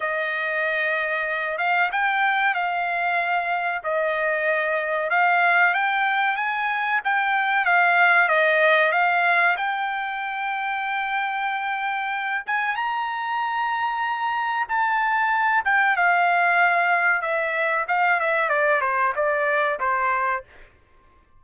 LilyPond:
\new Staff \with { instrumentName = "trumpet" } { \time 4/4 \tempo 4 = 94 dis''2~ dis''8 f''8 g''4 | f''2 dis''2 | f''4 g''4 gis''4 g''4 | f''4 dis''4 f''4 g''4~ |
g''2.~ g''8 gis''8 | ais''2. a''4~ | a''8 g''8 f''2 e''4 | f''8 e''8 d''8 c''8 d''4 c''4 | }